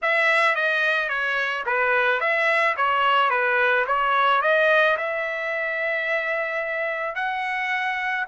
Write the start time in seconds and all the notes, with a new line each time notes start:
0.02 E5
0.55 D#5
1.08 C#5
1.66 B4
2.20 E5
2.76 C#5
3.30 B4
3.86 C#5
4.41 D#5
4.97 E5
7.15 F#5